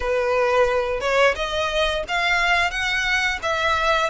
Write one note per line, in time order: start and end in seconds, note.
0.00 1.00 B4
1.00 1.34 C#5
1.35 2.03 D#5
2.08 2.71 F5
2.71 3.39 F#5
3.42 4.10 E5